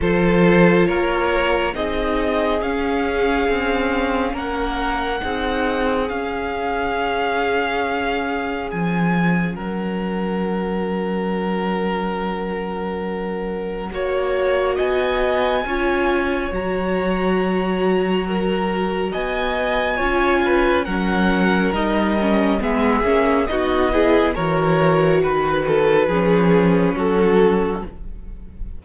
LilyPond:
<<
  \new Staff \with { instrumentName = "violin" } { \time 4/4 \tempo 4 = 69 c''4 cis''4 dis''4 f''4~ | f''4 fis''2 f''4~ | f''2 gis''4 fis''4~ | fis''1~ |
fis''4 gis''2 ais''4~ | ais''2 gis''2 | fis''4 dis''4 e''4 dis''4 | cis''4 b'2 a'4 | }
  \new Staff \with { instrumentName = "violin" } { \time 4/4 a'4 ais'4 gis'2~ | gis'4 ais'4 gis'2~ | gis'2. ais'4~ | ais'1 |
cis''4 dis''4 cis''2~ | cis''4 ais'4 dis''4 cis''8 b'8 | ais'2 gis'4 fis'8 gis'8 | ais'4 b'8 a'8 gis'4 fis'4 | }
  \new Staff \with { instrumentName = "viola" } { \time 4/4 f'2 dis'4 cis'4~ | cis'2 dis'4 cis'4~ | cis'1~ | cis'1 |
fis'2 f'4 fis'4~ | fis'2. f'4 | cis'4 dis'8 cis'8 b8 cis'8 dis'8 e'8 | fis'2 cis'2 | }
  \new Staff \with { instrumentName = "cello" } { \time 4/4 f4 ais4 c'4 cis'4 | c'4 ais4 c'4 cis'4~ | cis'2 f4 fis4~ | fis1 |
ais4 b4 cis'4 fis4~ | fis2 b4 cis'4 | fis4 g4 gis8 ais8 b4 | e4 dis4 f4 fis4 | }
>>